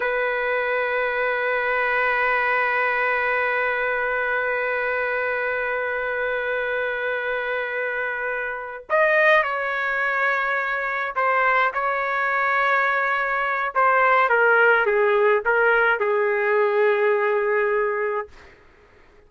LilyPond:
\new Staff \with { instrumentName = "trumpet" } { \time 4/4 \tempo 4 = 105 b'1~ | b'1~ | b'1~ | b'2.~ b'8 dis''8~ |
dis''8 cis''2. c''8~ | c''8 cis''2.~ cis''8 | c''4 ais'4 gis'4 ais'4 | gis'1 | }